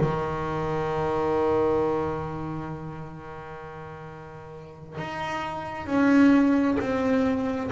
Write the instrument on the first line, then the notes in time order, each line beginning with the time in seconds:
double bass
0.00 D#3
4.98 D#4
5.86 C#4
6.79 C4